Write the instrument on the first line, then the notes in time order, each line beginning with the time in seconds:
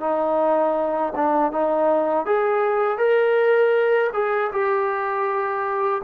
trombone
0.00 D#4
1.15 D4
1.51 D#4
2.25 G#4
2.97 A#4
4.13 G#4
4.51 G4